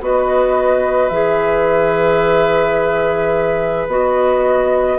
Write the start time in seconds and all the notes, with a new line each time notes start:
0.00 B3 F#4 B4 D#5
1.09 E3 G#4 E5
3.87 B3 F#4 D#5